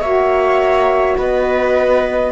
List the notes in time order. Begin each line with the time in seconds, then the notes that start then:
0.00 A#3 F#4 C#5 E5
1.17 B3 B4 D#5